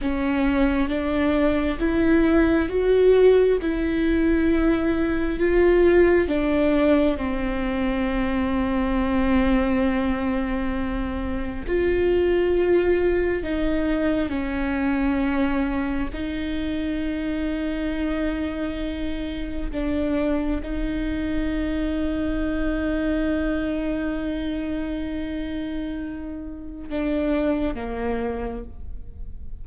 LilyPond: \new Staff \with { instrumentName = "viola" } { \time 4/4 \tempo 4 = 67 cis'4 d'4 e'4 fis'4 | e'2 f'4 d'4 | c'1~ | c'4 f'2 dis'4 |
cis'2 dis'2~ | dis'2 d'4 dis'4~ | dis'1~ | dis'2 d'4 ais4 | }